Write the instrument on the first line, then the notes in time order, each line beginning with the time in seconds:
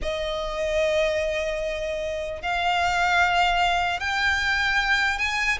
violin
0.01 D#5
2.42 F5
4.00 G5
5.18 G#5